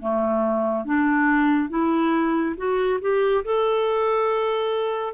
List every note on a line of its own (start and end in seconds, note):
0.00 0.85 A3
0.85 1.70 D4
1.70 2.56 E4
2.57 3.00 F#4
3.02 3.44 G4
3.45 5.14 A4